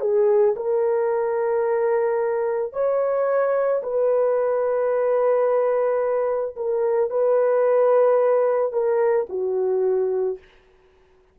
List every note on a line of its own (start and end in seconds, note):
0.00 0.55 G#4
0.56 2.73 A#4
2.73 3.82 C#5
3.82 6.55 B4
6.56 7.10 A#4
7.10 8.72 B4
8.72 9.26 A#4
9.29 10.38 F#4